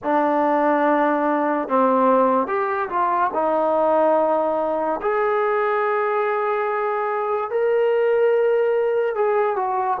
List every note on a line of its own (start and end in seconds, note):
0.03 1.68 D4
1.68 2.47 C4
2.47 2.89 G4
2.89 3.31 F4
3.33 5.00 D#4
5.02 7.50 G#4
7.50 9.15 A#4
9.15 9.56 G#4
9.56 9.97 F#4